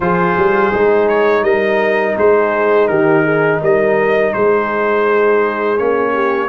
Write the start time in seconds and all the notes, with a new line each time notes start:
0.00 F3 F4 G#4 C5
0.36 G3
0.73 G#3 D#4
1.08 C#5
1.42 G3 A#4 D#5
2.17 G#3 G#4 C5
2.87 D#3 G4 A#4
3.23 G#4
3.61 G3 A#4 D#5
4.33 G#3 G#4 C5
5.77 A#3 C#4 C#5
6.12 G4